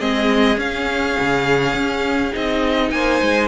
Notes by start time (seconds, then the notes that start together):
0.00 G#3 C4 G#4 D#5
0.56 C#4 F5
1.20 C#3
1.74 C#4
2.33 C4 D#4 D#5
2.91 A#3 C5 G#5
3.22 G#3